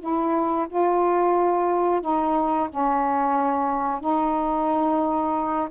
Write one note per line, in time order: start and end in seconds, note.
0.00 0.67 E4
0.70 2.02 F4
2.02 2.69 D#4
2.70 4.01 C#4
4.01 5.69 D#4